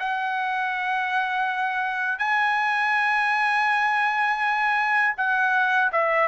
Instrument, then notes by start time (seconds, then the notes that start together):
trumpet
0.00 F#5
2.19 G#5
5.17 F#5
5.93 E5